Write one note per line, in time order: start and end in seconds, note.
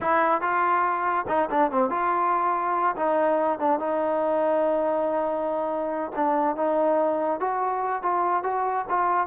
0.01 0.41 E4
0.41 1.25 F4
1.28 1.49 D#4
1.50 1.71 D4
1.71 1.90 C4
1.90 2.95 F4
2.96 3.59 D#4
3.59 3.79 D4
3.79 6.11 D#4
6.15 6.56 D4
6.56 7.40 D#4
7.40 8.02 F#4
8.02 8.43 F4
8.43 8.85 F#4
8.89 9.27 F4